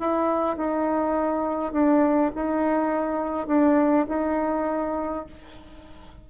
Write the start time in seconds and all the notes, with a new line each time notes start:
0.00 E4
0.57 D#4
1.72 D4
2.35 D#4
3.48 D4
4.09 D#4